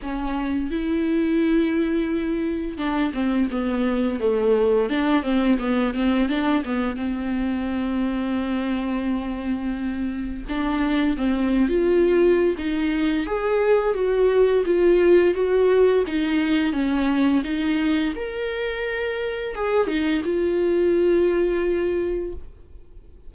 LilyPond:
\new Staff \with { instrumentName = "viola" } { \time 4/4 \tempo 4 = 86 cis'4 e'2. | d'8 c'8 b4 a4 d'8 c'8 | b8 c'8 d'8 b8 c'2~ | c'2. d'4 |
c'8. f'4~ f'16 dis'4 gis'4 | fis'4 f'4 fis'4 dis'4 | cis'4 dis'4 ais'2 | gis'8 dis'8 f'2. | }